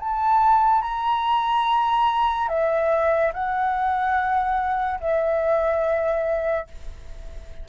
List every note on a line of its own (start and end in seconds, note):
0.00 0.82 A5
0.82 2.48 A#5
2.49 3.32 E5
3.34 5.00 F#5
5.01 6.67 E5